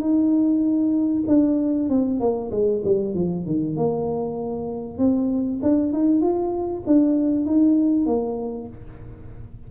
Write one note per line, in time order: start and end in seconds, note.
0.00 1.24 D#4
1.28 1.90 D4
1.90 2.20 C4
2.20 2.51 A#3
2.51 2.82 G#3
2.84 3.15 G3
3.15 3.46 F3
3.46 3.76 D#3
3.76 4.98 A#3
4.98 5.60 C4
5.63 5.93 D4
5.93 6.21 D#4
6.21 6.83 F4
6.87 7.46 D4
7.46 8.06 D#4
8.06 8.68 A#3